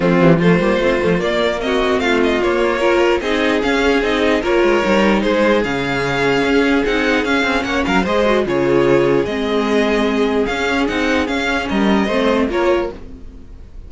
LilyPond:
<<
  \new Staff \with { instrumentName = "violin" } { \time 4/4 \tempo 4 = 149 f'4 c''2 d''4 | dis''4 f''8 dis''8 cis''2 | dis''4 f''4 dis''4 cis''4~ | cis''4 c''4 f''2~ |
f''4 fis''4 f''4 fis''8 f''8 | dis''4 cis''2 dis''4~ | dis''2 f''4 fis''4 | f''4 dis''2 cis''4 | }
  \new Staff \with { instrumentName = "violin" } { \time 4/4 c'4 f'2. | fis'4 f'2 ais'4 | gis'2. ais'4~ | ais'4 gis'2.~ |
gis'2. cis''8 ais'8 | c''4 gis'2.~ | gis'1~ | gis'4 ais'4 c''4 ais'4 | }
  \new Staff \with { instrumentName = "viola" } { \time 4/4 a8 g8 a8 ais8 c'8 a8 ais4 | c'2 ais4 f'4 | dis'4 cis'4 dis'4 f'4 | dis'2 cis'2~ |
cis'4 dis'4 cis'2 | gis'8 fis'8 f'2 c'4~ | c'2 cis'4 dis'4 | cis'2 c'4 f'4 | }
  \new Staff \with { instrumentName = "cello" } { \time 4/4 f8 e8 f8 g8 a8 f8 ais4~ | ais4 a4 ais2 | c'4 cis'4 c'4 ais8 gis8 | g4 gis4 cis2 |
cis'4 c'4 cis'8 c'8 ais8 fis8 | gis4 cis2 gis4~ | gis2 cis'4 c'4 | cis'4 g4 a4 ais4 | }
>>